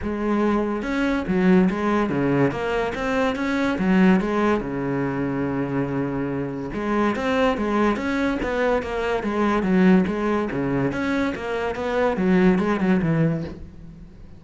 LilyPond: \new Staff \with { instrumentName = "cello" } { \time 4/4 \tempo 4 = 143 gis2 cis'4 fis4 | gis4 cis4 ais4 c'4 | cis'4 fis4 gis4 cis4~ | cis1 |
gis4 c'4 gis4 cis'4 | b4 ais4 gis4 fis4 | gis4 cis4 cis'4 ais4 | b4 fis4 gis8 fis8 e4 | }